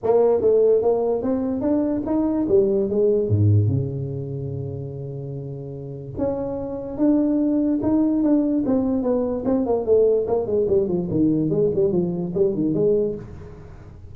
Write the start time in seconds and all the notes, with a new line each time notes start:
0.03 A#3
0.41 A3
0.82 A#3
1.22 C4
1.61 D4
2.06 D#4
2.48 G3
2.89 G#3
3.28 G#2
3.67 C#3
6.18 C#4
6.97 D4
7.82 D#4
8.23 D4
8.66 C4
9.02 B3
9.45 C4
9.65 A#3
9.85 A3
10.27 A#3
10.46 G#3
10.68 G3
10.88 F3
11.10 D#3
11.50 G#3
11.74 G3
11.92 F3
12.34 G3
12.54 D#3
12.74 G#3